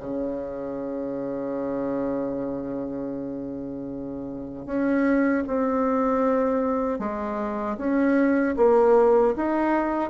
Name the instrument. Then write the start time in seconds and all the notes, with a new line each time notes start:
bassoon
0.00 C#3
4.66 C#4
5.47 C4
6.99 G#3
7.77 C#4
8.56 A#3
9.36 D#4